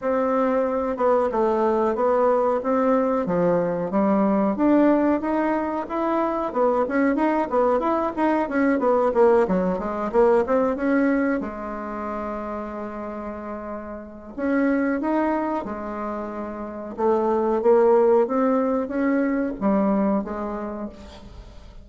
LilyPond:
\new Staff \with { instrumentName = "bassoon" } { \time 4/4 \tempo 4 = 92 c'4. b8 a4 b4 | c'4 f4 g4 d'4 | dis'4 e'4 b8 cis'8 dis'8 b8 | e'8 dis'8 cis'8 b8 ais8 fis8 gis8 ais8 |
c'8 cis'4 gis2~ gis8~ | gis2 cis'4 dis'4 | gis2 a4 ais4 | c'4 cis'4 g4 gis4 | }